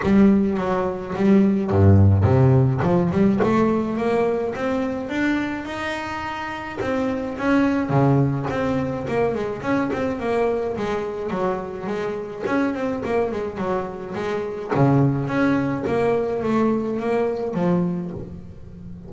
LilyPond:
\new Staff \with { instrumentName = "double bass" } { \time 4/4 \tempo 4 = 106 g4 fis4 g4 g,4 | c4 f8 g8 a4 ais4 | c'4 d'4 dis'2 | c'4 cis'4 cis4 c'4 |
ais8 gis8 cis'8 c'8 ais4 gis4 | fis4 gis4 cis'8 c'8 ais8 gis8 | fis4 gis4 cis4 cis'4 | ais4 a4 ais4 f4 | }